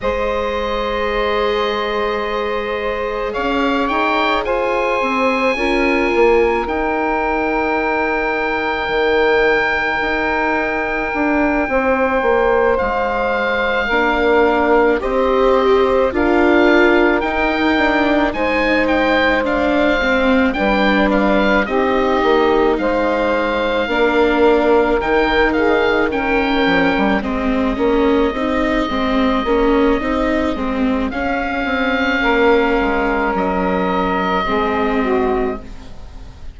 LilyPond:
<<
  \new Staff \with { instrumentName = "oboe" } { \time 4/4 \tempo 4 = 54 dis''2. f''8 g''8 | gis''2 g''2~ | g''2.~ g''8 f''8~ | f''4. dis''4 f''4 g''8~ |
g''8 gis''8 g''8 f''4 g''8 f''8 dis''8~ | dis''8 f''2 g''8 f''8 g''8~ | g''8 dis''2.~ dis''8 | f''2 dis''2 | }
  \new Staff \with { instrumentName = "saxophone" } { \time 4/4 c''2. cis''4 | c''4 ais'2.~ | ais'2~ ais'8 c''4.~ | c''8 ais'4 c''4 ais'4.~ |
ais'8 c''2 b'4 g'8~ | g'8 c''4 ais'4. gis'8 ais'8~ | ais'8 gis'2.~ gis'8~ | gis'4 ais'2 gis'8 fis'8 | }
  \new Staff \with { instrumentName = "viola" } { \time 4/4 gis'1~ | gis'4 f'4 dis'2~ | dis'1~ | dis'8 d'4 g'4 f'4 dis'8 |
d'8 dis'4 d'8 c'8 d'4 dis'8~ | dis'4. d'4 dis'4 cis'8~ | cis'8 c'8 cis'8 dis'8 c'8 cis'8 dis'8 c'8 | cis'2. c'4 | }
  \new Staff \with { instrumentName = "bassoon" } { \time 4/4 gis2. cis'8 dis'8 | f'8 c'8 cis'8 ais8 dis'2 | dis4 dis'4 d'8 c'8 ais8 gis8~ | gis8 ais4 c'4 d'4 dis'8~ |
dis'8 gis2 g4 c'8 | ais8 gis4 ais4 dis4. | f16 g16 gis8 ais8 c'8 gis8 ais8 c'8 gis8 | cis'8 c'8 ais8 gis8 fis4 gis4 | }
>>